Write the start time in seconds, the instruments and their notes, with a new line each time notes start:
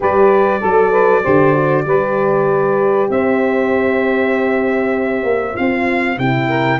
0.00 tuba G3, horn G4, saxophone B4, trumpet D5
0.59 tuba F#3, saxophone A4, horn A4
0.91 saxophone B4
1.22 tuba D3, horn G4, saxophone C5
1.55 horn F#4
1.84 tuba G3, horn G4, saxophone B4
3.09 tuba C4, saxophone C5, trumpet E5
5.23 tuba A#3
5.54 tuba C4, horn F4, trumpet F5
6.17 tuba C3, horn E4, trumpet G5
6.48 saxophone A#4